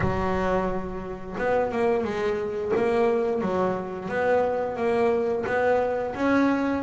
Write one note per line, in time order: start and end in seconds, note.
0.00 1.35 F#3
1.38 1.71 B3
1.71 2.03 A#3
2.03 2.71 G#3
2.76 3.41 A#3
3.41 4.08 F#3
4.08 4.76 B3
4.76 5.44 A#3
5.46 6.14 B3
6.15 6.82 C#4